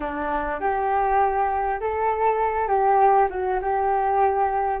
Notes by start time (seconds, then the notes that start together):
0.00 D4
0.60 G4
1.80 A4
2.68 G4
3.29 F#4
3.61 G4